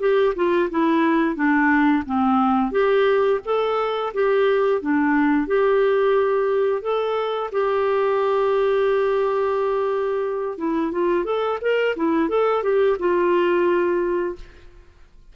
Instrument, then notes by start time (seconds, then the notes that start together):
clarinet
0.00 G4
0.36 F4
0.70 E4
1.35 D4
2.06 C4
2.71 G4
3.45 A4
4.14 G4
4.82 D4
5.47 G4
6.82 A4
7.52 G4
10.58 E4
10.92 F4
11.25 A4
11.62 A#4
11.96 E4
12.29 A4
12.63 G4
12.99 F4